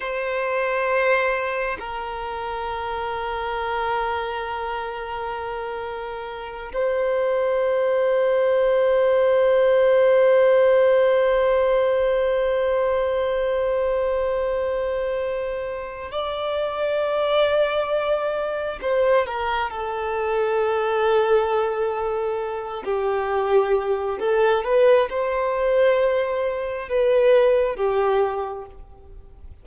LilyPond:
\new Staff \with { instrumentName = "violin" } { \time 4/4 \tempo 4 = 67 c''2 ais'2~ | ais'2.~ ais'8 c''8~ | c''1~ | c''1~ |
c''2 d''2~ | d''4 c''8 ais'8 a'2~ | a'4. g'4. a'8 b'8 | c''2 b'4 g'4 | }